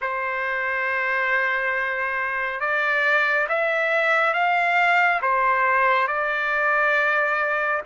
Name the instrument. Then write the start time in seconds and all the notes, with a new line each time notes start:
trumpet
0.01 C5
2.60 D5
3.49 E5
4.33 F5
5.21 C5
6.07 D5